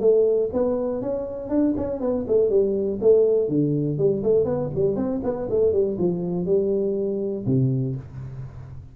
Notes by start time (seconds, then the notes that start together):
0.00 A3
0.53 B3
1.02 C#4
1.49 D4
1.77 C#4
2.01 B3
2.27 A3
2.50 G3
3.01 A3
3.48 D3
3.98 G3
4.23 A3
4.45 B3
4.75 G3
4.96 C4
5.24 B3
5.50 A3
5.72 G3
5.98 F3
6.46 G3
7.46 C3